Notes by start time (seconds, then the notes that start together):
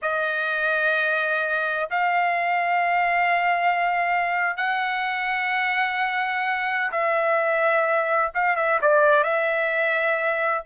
0.02 D#5
1.90 F5
4.57 F#5
6.91 E5
8.34 F5
8.56 E5
8.81 D5
9.23 E5